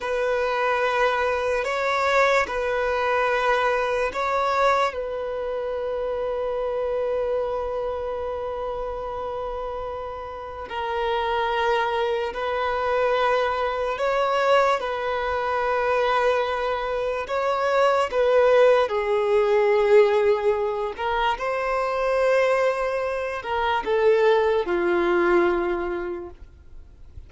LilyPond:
\new Staff \with { instrumentName = "violin" } { \time 4/4 \tempo 4 = 73 b'2 cis''4 b'4~ | b'4 cis''4 b'2~ | b'1~ | b'4 ais'2 b'4~ |
b'4 cis''4 b'2~ | b'4 cis''4 b'4 gis'4~ | gis'4. ais'8 c''2~ | c''8 ais'8 a'4 f'2 | }